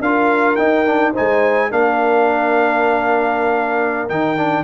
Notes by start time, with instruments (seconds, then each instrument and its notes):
0.00 tuba D4, trombone F4, horn A#4, trumpet F5
0.56 trombone D#4, tuba D#4, trumpet G5
0.85 trombone D4
1.12 trombone D#4, horn C5, trumpet G#5
1.19 tuba G#3
1.70 tuba A#3, trombone D4, horn A#4, trumpet F5
4.09 tuba D#3, trombone D#4, trumpet G5
4.36 trombone D4